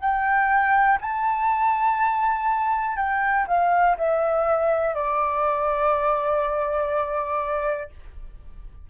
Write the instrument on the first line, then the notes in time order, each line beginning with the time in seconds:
flute
0.00 G5
1.01 A5
2.97 G5
3.47 F5
3.98 E5
4.95 D5